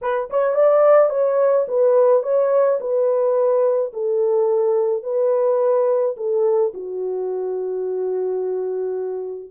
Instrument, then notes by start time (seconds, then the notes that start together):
horn
0.01 B4
0.30 C#5
0.54 D5
1.09 C#5
1.67 B4
2.23 C#5
2.80 B4
3.93 A4
5.03 B4
6.16 A4
6.74 F#4